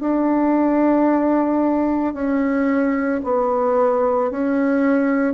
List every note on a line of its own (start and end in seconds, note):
0.00 2.14 D4
2.14 3.21 C#4
3.23 4.31 B3
4.31 5.33 C#4